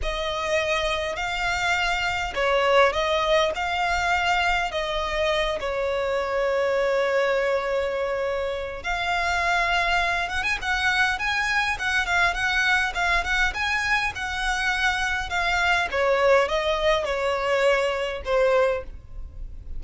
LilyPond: \new Staff \with { instrumentName = "violin" } { \time 4/4 \tempo 4 = 102 dis''2 f''2 | cis''4 dis''4 f''2 | dis''4. cis''2~ cis''8~ | cis''2. f''4~ |
f''4. fis''16 gis''16 fis''4 gis''4 | fis''8 f''8 fis''4 f''8 fis''8 gis''4 | fis''2 f''4 cis''4 | dis''4 cis''2 c''4 | }